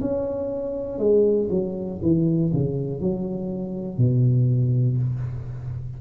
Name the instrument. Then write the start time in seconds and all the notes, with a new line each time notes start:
tuba
0.00 C#4
0.98 G#3
1.50 F#3
2.01 E3
2.53 C#3
3.00 F#3
3.97 B2